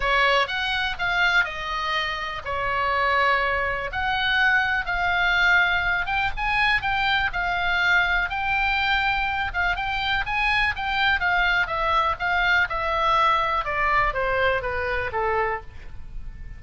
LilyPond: \new Staff \with { instrumentName = "oboe" } { \time 4/4 \tempo 4 = 123 cis''4 fis''4 f''4 dis''4~ | dis''4 cis''2. | fis''2 f''2~ | f''8 g''8 gis''4 g''4 f''4~ |
f''4 g''2~ g''8 f''8 | g''4 gis''4 g''4 f''4 | e''4 f''4 e''2 | d''4 c''4 b'4 a'4 | }